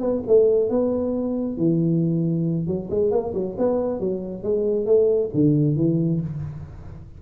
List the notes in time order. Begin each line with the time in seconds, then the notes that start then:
0.00 B3
0.27 A3
0.69 B3
1.57 E3
2.67 F#3
2.90 G#3
3.11 A#3
3.34 F#3
3.58 B3
4.00 F#3
4.43 G#3
4.85 A3
5.34 D3
5.76 E3